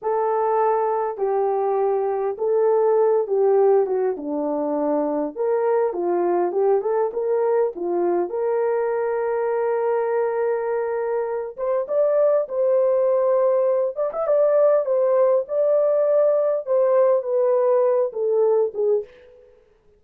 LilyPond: \new Staff \with { instrumentName = "horn" } { \time 4/4 \tempo 4 = 101 a'2 g'2 | a'4. g'4 fis'8 d'4~ | d'4 ais'4 f'4 g'8 a'8 | ais'4 f'4 ais'2~ |
ais'2.~ ais'8 c''8 | d''4 c''2~ c''8 d''16 e''16 | d''4 c''4 d''2 | c''4 b'4. a'4 gis'8 | }